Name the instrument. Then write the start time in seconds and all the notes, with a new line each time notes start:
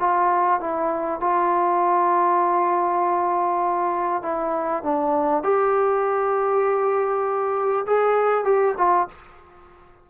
trombone
0.00 F4
0.61 E4
1.21 F4
4.23 E4
4.83 D4
5.43 G4
7.87 G#4
8.45 G4
8.78 F4